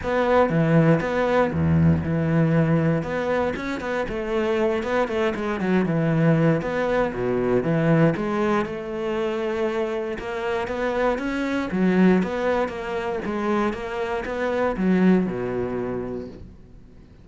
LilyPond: \new Staff \with { instrumentName = "cello" } { \time 4/4 \tempo 4 = 118 b4 e4 b4 e,4 | e2 b4 cis'8 b8 | a4. b8 a8 gis8 fis8 e8~ | e4 b4 b,4 e4 |
gis4 a2. | ais4 b4 cis'4 fis4 | b4 ais4 gis4 ais4 | b4 fis4 b,2 | }